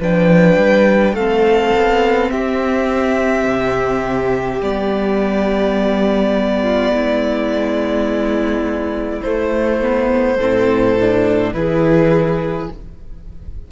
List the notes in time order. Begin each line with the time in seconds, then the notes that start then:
0.00 F3 D4 B4 G5
0.56 G3
1.13 A3 C4 A4 F5
1.75 B3
2.31 C4 G4 E5
3.44 C3
4.61 G3 B3 D5
6.62 F4
6.90 G#3 E4
9.21 A3 C5
9.81 B3
10.36 A2 C4 A4
11.00 D4
11.53 E3 E4 G#4 B4